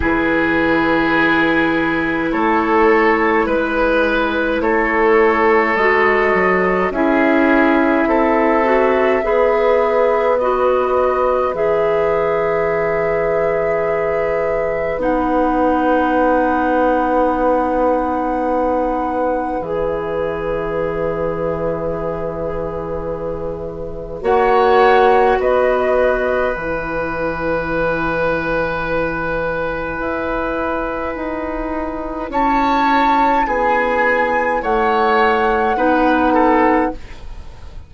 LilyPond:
<<
  \new Staff \with { instrumentName = "flute" } { \time 4/4 \tempo 4 = 52 b'2 cis''4 b'4 | cis''4 dis''4 e''2~ | e''4 dis''4 e''2~ | e''4 fis''2.~ |
fis''4 e''2.~ | e''4 fis''4 dis''4 gis''4~ | gis''1 | a''4 gis''4 fis''2 | }
  \new Staff \with { instrumentName = "oboe" } { \time 4/4 gis'2 a'4 b'4 | a'2 gis'4 a'4 | b'1~ | b'1~ |
b'1~ | b'4 cis''4 b'2~ | b'1 | cis''4 gis'4 cis''4 b'8 a'8 | }
  \new Staff \with { instrumentName = "clarinet" } { \time 4/4 e'1~ | e'4 fis'4 e'4. fis'8 | gis'4 fis'4 gis'2~ | gis'4 dis'2.~ |
dis'4 gis'2.~ | gis'4 fis'2 e'4~ | e'1~ | e'2. dis'4 | }
  \new Staff \with { instrumentName = "bassoon" } { \time 4/4 e2 a4 gis4 | a4 gis8 fis8 cis'4 c'4 | b2 e2~ | e4 b2.~ |
b4 e2.~ | e4 ais4 b4 e4~ | e2 e'4 dis'4 | cis'4 b4 a4 b4 | }
>>